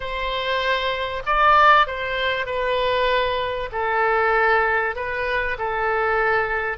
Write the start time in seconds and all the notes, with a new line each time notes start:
0.00 C5
1.26 D5
1.86 C5
2.46 B4
3.72 A4
4.95 B4
5.58 A4